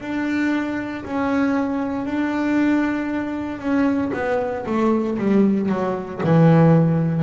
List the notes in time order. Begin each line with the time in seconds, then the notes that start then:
0.00 D4
1.04 C#4
2.05 D4
3.59 C#4
4.13 B3
4.66 A3
5.17 G3
5.69 F#3
6.23 E3